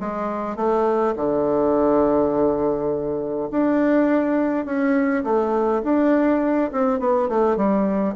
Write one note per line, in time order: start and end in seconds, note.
0.00 0.56 G#3
0.56 1.15 A3
1.17 3.50 D3
3.51 4.65 D4
4.65 5.24 C#4
5.24 5.83 A3
5.84 6.71 D4
6.72 7.00 C4
7.00 7.29 B3
7.29 7.57 A3
7.57 8.15 G3